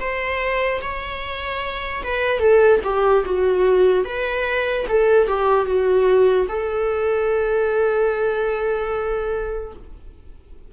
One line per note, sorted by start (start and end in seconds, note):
0.00 0.81 C5
0.82 2.03 C#5
2.04 2.40 B4
2.40 2.80 A4
2.84 3.25 G4
3.25 4.05 F#4
4.05 4.86 B4
4.89 5.27 A4
5.27 5.66 G4
5.66 6.47 F#4
6.49 9.73 A4